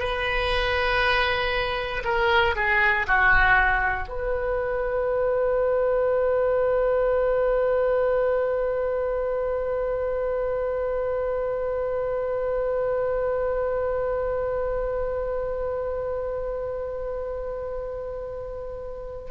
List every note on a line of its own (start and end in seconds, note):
0.00 2.03 B4
2.05 2.56 A#4
2.56 3.07 G#4
3.07 4.09 F#4
4.09 19.32 B4